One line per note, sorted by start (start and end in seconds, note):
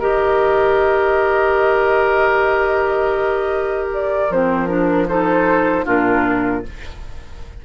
0.00 4.30 D#3
0.00 4.30 G4
0.00 5.06 A#4
0.00 3.90 D#5
3.94 4.32 D5
4.30 5.86 F3
4.30 4.68 C4
4.30 4.68 C5
4.68 5.07 D4
4.68 5.06 A#4
5.08 5.85 D#4
5.08 5.85 A4
5.08 5.86 C5
5.85 6.65 A#2
5.85 6.63 D4
5.85 6.63 F4
5.85 6.65 A#4